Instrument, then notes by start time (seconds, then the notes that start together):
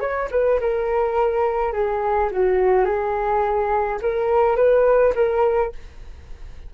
flute
0.00 C#5
0.31 B4
0.60 A#4
1.72 G#4
2.31 F#4
2.85 G#4
4.01 A#4
4.56 B4
5.15 A#4